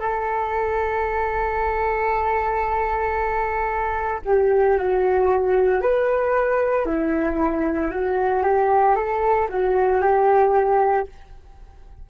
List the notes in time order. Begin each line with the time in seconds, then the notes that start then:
0.00 A4
4.25 G4
4.78 F#4
5.82 B4
6.86 E4
7.91 F#4
8.43 G4
8.96 A4
9.49 F#4
10.02 G4